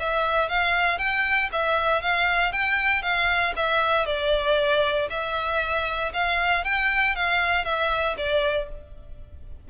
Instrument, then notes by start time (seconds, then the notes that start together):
violin
0.00 E5
0.49 F5
0.98 G5
1.52 E5
2.02 F5
2.52 G5
3.02 F5
3.56 E5
4.06 D5
5.10 E5
6.14 F5
6.64 G5
7.16 F5
7.65 E5
8.17 D5